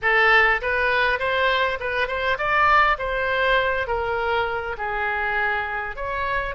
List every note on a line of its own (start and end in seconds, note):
0.01 0.61 A4
0.61 1.19 B4
1.19 1.78 C5
1.80 2.07 B4
2.07 2.37 C5
2.38 2.97 D5
2.98 3.87 C5
3.87 4.76 A#4
4.77 5.95 G#4
5.95 6.55 C#5